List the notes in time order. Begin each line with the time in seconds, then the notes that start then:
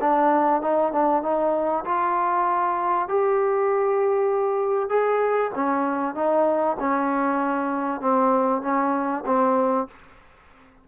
0.00 D4
0.61 D#4
0.92 D4
1.22 D#4
1.84 F4
3.08 G4
4.89 G#4
5.54 C#4
6.15 D#4
6.79 C#4
8.00 C4
8.62 C#4
9.26 C4